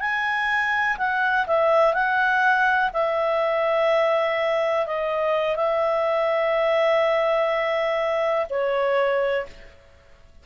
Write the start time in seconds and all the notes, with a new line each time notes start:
0.00 G#5
0.98 F#5
1.47 E5
1.94 F#5
2.93 E5
4.87 D#5
5.56 E5
8.49 C#5